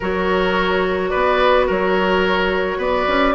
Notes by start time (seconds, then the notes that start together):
0.00 F#3 F#4 A#4 C#5
1.09 B3 B4 D5
1.66 F#3 A#4 C#5
2.77 B3 B4 D5
3.07 C#4